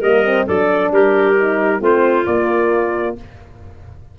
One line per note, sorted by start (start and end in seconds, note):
0.00 0.45 G3
0.00 0.24 A#3
0.00 0.45 A#4
0.00 0.48 D#5
0.24 0.46 C4
0.46 0.91 F#3
0.46 1.37 D4
0.46 0.91 A4
0.46 0.93 D5
0.91 1.80 G3
0.91 1.80 G4
0.91 1.83 A#4
1.37 1.79 D#4
1.79 2.25 A3
1.79 2.24 C4
1.79 3.15 F4
1.79 2.26 C5
2.26 3.16 A#3
2.26 3.18 A#3
2.26 3.16 D5